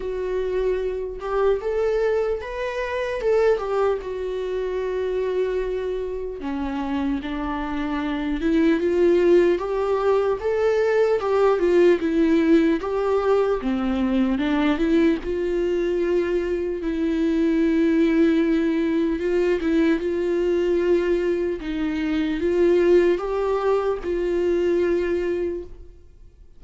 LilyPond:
\new Staff \with { instrumentName = "viola" } { \time 4/4 \tempo 4 = 75 fis'4. g'8 a'4 b'4 | a'8 g'8 fis'2. | cis'4 d'4. e'8 f'4 | g'4 a'4 g'8 f'8 e'4 |
g'4 c'4 d'8 e'8 f'4~ | f'4 e'2. | f'8 e'8 f'2 dis'4 | f'4 g'4 f'2 | }